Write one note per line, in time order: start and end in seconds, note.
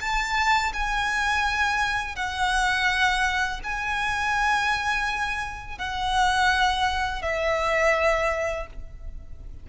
0.00 0.72 A5
0.73 2.16 G#5
2.16 3.60 F#5
3.63 5.78 G#5
5.78 7.22 F#5
7.22 8.66 E5